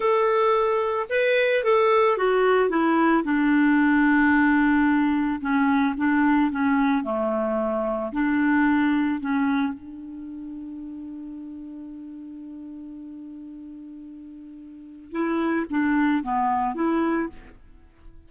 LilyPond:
\new Staff \with { instrumentName = "clarinet" } { \time 4/4 \tempo 4 = 111 a'2 b'4 a'4 | fis'4 e'4 d'2~ | d'2 cis'4 d'4 | cis'4 a2 d'4~ |
d'4 cis'4 d'2~ | d'1~ | d'1 | e'4 d'4 b4 e'4 | }